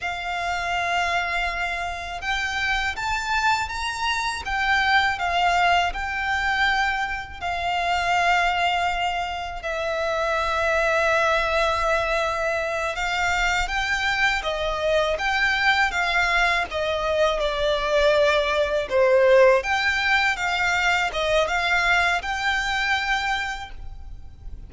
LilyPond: \new Staff \with { instrumentName = "violin" } { \time 4/4 \tempo 4 = 81 f''2. g''4 | a''4 ais''4 g''4 f''4 | g''2 f''2~ | f''4 e''2.~ |
e''4. f''4 g''4 dis''8~ | dis''8 g''4 f''4 dis''4 d''8~ | d''4. c''4 g''4 f''8~ | f''8 dis''8 f''4 g''2 | }